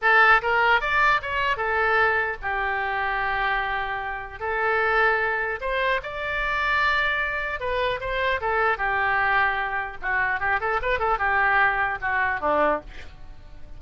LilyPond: \new Staff \with { instrumentName = "oboe" } { \time 4/4 \tempo 4 = 150 a'4 ais'4 d''4 cis''4 | a'2 g'2~ | g'2. a'4~ | a'2 c''4 d''4~ |
d''2. b'4 | c''4 a'4 g'2~ | g'4 fis'4 g'8 a'8 b'8 a'8 | g'2 fis'4 d'4 | }